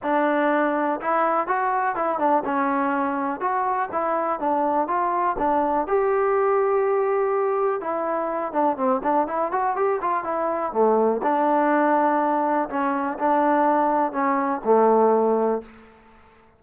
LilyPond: \new Staff \with { instrumentName = "trombone" } { \time 4/4 \tempo 4 = 123 d'2 e'4 fis'4 | e'8 d'8 cis'2 fis'4 | e'4 d'4 f'4 d'4 | g'1 |
e'4. d'8 c'8 d'8 e'8 fis'8 | g'8 f'8 e'4 a4 d'4~ | d'2 cis'4 d'4~ | d'4 cis'4 a2 | }